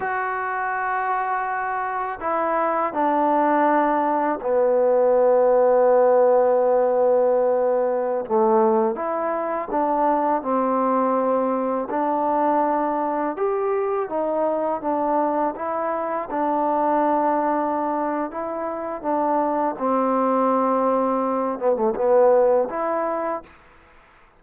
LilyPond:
\new Staff \with { instrumentName = "trombone" } { \time 4/4 \tempo 4 = 82 fis'2. e'4 | d'2 b2~ | b2.~ b16 a8.~ | a16 e'4 d'4 c'4.~ c'16~ |
c'16 d'2 g'4 dis'8.~ | dis'16 d'4 e'4 d'4.~ d'16~ | d'4 e'4 d'4 c'4~ | c'4. b16 a16 b4 e'4 | }